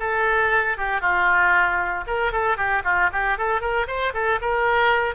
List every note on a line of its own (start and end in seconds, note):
0.00 0.78 A4
0.78 1.01 G4
1.01 2.05 F4
2.08 2.33 A#4
2.33 2.57 A4
2.57 2.83 G4
2.85 3.11 F4
3.13 3.38 G4
3.38 3.61 A4
3.61 3.87 A#4
3.88 4.14 C5
4.14 4.40 A4
4.42 5.15 A#4